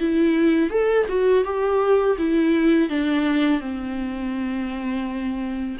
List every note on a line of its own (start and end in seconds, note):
0.00 0.70 E4
0.70 1.06 A4
1.08 1.44 F#4
1.44 2.17 G4
2.18 2.89 E4
2.89 3.60 D4
3.60 5.77 C4